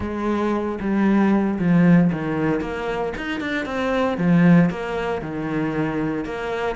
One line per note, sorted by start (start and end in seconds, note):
0.00 0.78 G#3
0.80 1.58 G3
1.59 2.11 F3
2.12 2.60 D#3
2.60 3.13 A#3
3.17 3.40 D#4
3.40 3.65 D4
3.65 4.17 C4
4.17 4.70 F3
4.70 5.21 A#3
5.21 6.24 D#3
6.24 6.75 A#3